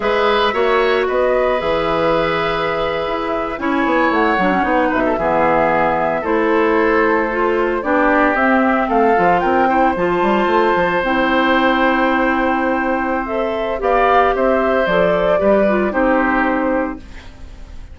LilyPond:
<<
  \new Staff \with { instrumentName = "flute" } { \time 4/4 \tempo 4 = 113 e''2 dis''4 e''4~ | e''2~ e''8. gis''4 fis''16~ | fis''4~ fis''16 e''2~ e''8 c''16~ | c''2~ c''8. d''4 e''16~ |
e''8. f''4 g''4 a''4~ a''16~ | a''8. g''2.~ g''16~ | g''4 e''4 f''4 e''4 | d''2 c''2 | }
  \new Staff \with { instrumentName = "oboe" } { \time 4/4 b'4 cis''4 b'2~ | b'2~ b'8. cis''4~ cis''16~ | cis''4~ cis''16 b'16 a'16 gis'2 a'16~ | a'2~ a'8. g'4~ g'16~ |
g'8. a'4 ais'8 c''4.~ c''16~ | c''1~ | c''2 d''4 c''4~ | c''4 b'4 g'2 | }
  \new Staff \with { instrumentName = "clarinet" } { \time 4/4 gis'4 fis'2 gis'4~ | gis'2~ gis'8. e'4~ e'16~ | e'16 d'16 cis'16 dis'4 b2 e'16~ | e'4.~ e'16 f'4 d'4 c'16~ |
c'4~ c'16 f'4 e'8 f'4~ f'16~ | f'8. e'2.~ e'16~ | e'4 a'4 g'2 | a'4 g'8 f'8 dis'2 | }
  \new Staff \with { instrumentName = "bassoon" } { \time 4/4 gis4 ais4 b4 e4~ | e4.~ e16 e'4 cis'8 b8 a16~ | a16 fis8 b8 b,8 e2 a16~ | a2~ a8. b4 c'16~ |
c'8. a8 f8 c'4 f8 g8 a16~ | a16 f8 c'2.~ c'16~ | c'2 b4 c'4 | f4 g4 c'2 | }
>>